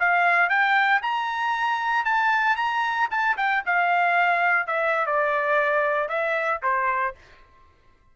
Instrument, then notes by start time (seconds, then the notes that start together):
trumpet
0.00 F5
0.49 G5
1.02 A#5
2.05 A5
2.56 A#5
3.11 A5
3.37 G5
3.66 F5
4.67 E5
5.06 D5
6.09 E5
6.63 C5